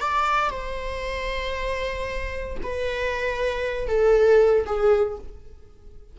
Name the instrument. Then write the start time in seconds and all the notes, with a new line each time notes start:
viola
0.00 D5
0.50 C5
2.63 B4
3.87 A4
4.66 G#4